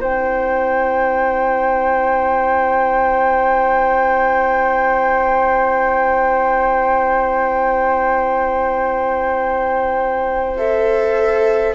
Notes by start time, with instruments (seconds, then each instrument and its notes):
0.00 bassoon C4, viola E4, flute C5 G5
10.57 viola A4, flute E5